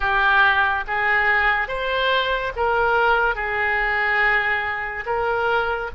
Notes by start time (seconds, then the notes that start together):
0.00 G4
0.87 G#4
1.67 C5
2.55 A#4
3.35 G#4
5.06 A#4